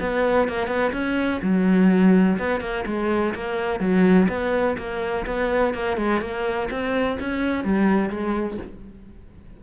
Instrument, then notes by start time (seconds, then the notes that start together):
cello
0.00 B3
0.48 A#3
0.67 B3
0.93 C#4
1.42 F#3
2.38 B3
2.60 A#3
2.86 G#3
3.34 A#3
3.80 F#3
4.29 B3
4.77 A#3
5.26 B3
5.74 A#3
5.97 G#3
6.21 A#3
6.70 C4
7.20 C#4
7.64 G3
8.09 G#3